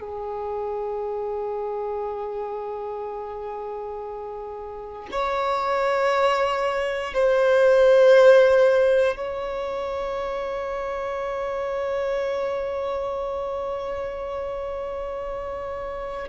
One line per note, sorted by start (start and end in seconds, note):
0.00 5.08 G#4
5.11 7.14 C#5
7.14 9.16 C5
9.16 16.28 C#5